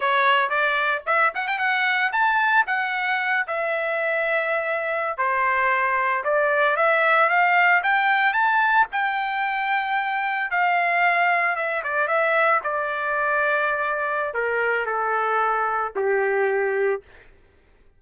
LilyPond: \new Staff \with { instrumentName = "trumpet" } { \time 4/4 \tempo 4 = 113 cis''4 d''4 e''8 fis''16 g''16 fis''4 | a''4 fis''4. e''4.~ | e''4.~ e''16 c''2 d''16~ | d''8. e''4 f''4 g''4 a''16~ |
a''8. g''2. f''16~ | f''4.~ f''16 e''8 d''8 e''4 d''16~ | d''2. ais'4 | a'2 g'2 | }